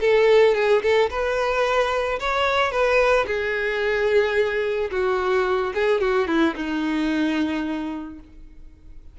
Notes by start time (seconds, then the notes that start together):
0.00 A4
0.55 G#4
0.82 A4
1.10 B4
2.19 C#5
2.71 B4
3.27 G#4
4.91 F#4
5.74 G#4
6.00 F#4
6.27 E4
6.55 D#4